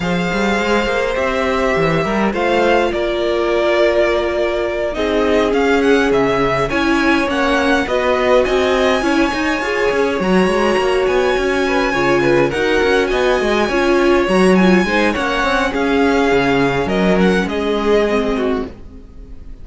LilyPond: <<
  \new Staff \with { instrumentName = "violin" } { \time 4/4 \tempo 4 = 103 f''2 e''2 | f''4 d''2.~ | d''8 dis''4 f''8 fis''8 e''4 gis''8~ | gis''8 fis''4 dis''4 gis''4.~ |
gis''4. ais''4. gis''4~ | gis''4. fis''4 gis''4.~ | gis''8 ais''8 gis''4 fis''4 f''4~ | f''4 dis''8 fis''8 dis''2 | }
  \new Staff \with { instrumentName = "violin" } { \time 4/4 c''2.~ c''8 ais'8 | c''4 ais'2.~ | ais'8 gis'2. cis''8~ | cis''4. b'4 dis''4 cis''8~ |
cis''1 | b'8 cis''8 b'8 ais'4 dis''4 cis''8~ | cis''4. c''8 cis''4 gis'4~ | gis'4 ais'4 gis'4. fis'8 | }
  \new Staff \with { instrumentName = "viola" } { \time 4/4 gis'2 g'2 | f'1~ | f'8 dis'4 cis'2 e'8~ | e'8 cis'4 fis'2 e'8 |
dis'8 gis'4 fis'2~ fis'8~ | fis'8 f'4 fis'2 f'8~ | f'8 fis'8 f'8 dis'8 cis'2~ | cis'2. c'4 | }
  \new Staff \with { instrumentName = "cello" } { \time 4/4 f8 g8 gis8 ais8 c'4 e8 g8 | a4 ais2.~ | ais8 c'4 cis'4 cis4 cis'8~ | cis'8 ais4 b4 c'4 cis'8 |
dis'8 f'8 cis'8 fis8 gis8 ais8 b8 cis'8~ | cis'8 cis4 dis'8 cis'8 b8 gis8 cis'8~ | cis'8 fis4 gis8 ais8 c'8 cis'4 | cis4 fis4 gis2 | }
>>